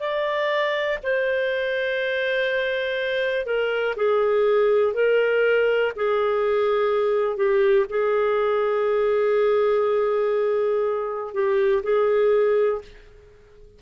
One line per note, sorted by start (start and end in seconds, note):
0.00 0.98 D5
1.04 3.46 C5
3.46 3.95 A#4
3.97 4.94 G#4
4.94 5.92 A#4
5.96 7.37 G#4
7.37 7.86 G4
7.90 11.34 G#4
11.34 11.83 G4
11.83 12.82 G#4